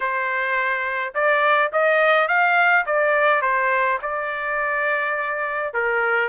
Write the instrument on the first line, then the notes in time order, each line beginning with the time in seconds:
trumpet
0.00 C5
1.14 D5
1.72 D#5
2.28 F5
2.86 D5
3.41 C5
4.02 D5
5.73 A#4